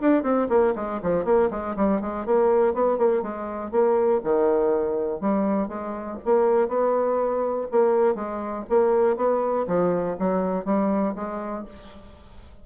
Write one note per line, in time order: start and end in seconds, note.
0.00 0.23 D4
0.23 0.48 C4
0.49 0.73 A#3
0.75 1.00 G#3
1.02 1.24 F3
1.24 1.49 A#3
1.50 1.75 G#3
1.76 2.00 G3
2.00 2.25 G#3
2.25 2.73 A#3
2.73 2.98 B3
2.98 3.22 A#3
3.22 3.71 G#3
3.71 4.20 A#3
4.23 5.20 D#3
5.20 5.68 G3
5.68 6.18 G#3
6.25 6.68 A#3
6.68 7.67 B3
7.71 8.15 A#3
8.15 8.64 G#3
8.69 9.16 A#3
9.16 9.66 B3
9.67 10.17 F3
10.18 10.65 F#3
10.65 11.14 G3
11.15 11.64 G#3